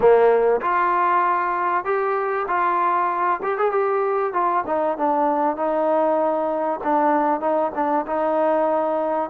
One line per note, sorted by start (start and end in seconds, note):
0.00 0.60 A#3
0.61 1.84 F4
1.84 2.46 G4
2.47 3.40 F4
3.42 3.57 G4
3.57 3.71 G#4
3.71 4.33 G4
4.33 4.64 F4
4.66 4.97 D#4
4.97 5.56 D4
5.56 6.80 D#4
6.83 7.40 D4
7.40 7.71 D#4
7.74 8.05 D4
8.06 9.30 D#4